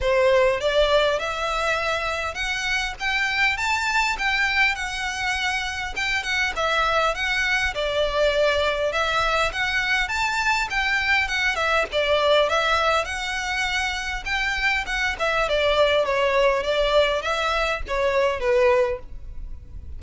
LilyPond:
\new Staff \with { instrumentName = "violin" } { \time 4/4 \tempo 4 = 101 c''4 d''4 e''2 | fis''4 g''4 a''4 g''4 | fis''2 g''8 fis''8 e''4 | fis''4 d''2 e''4 |
fis''4 a''4 g''4 fis''8 e''8 | d''4 e''4 fis''2 | g''4 fis''8 e''8 d''4 cis''4 | d''4 e''4 cis''4 b'4 | }